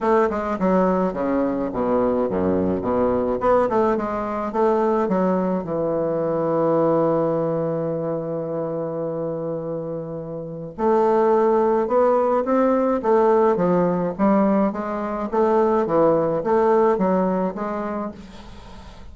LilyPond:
\new Staff \with { instrumentName = "bassoon" } { \time 4/4 \tempo 4 = 106 a8 gis8 fis4 cis4 b,4 | fis,4 b,4 b8 a8 gis4 | a4 fis4 e2~ | e1~ |
e2. a4~ | a4 b4 c'4 a4 | f4 g4 gis4 a4 | e4 a4 fis4 gis4 | }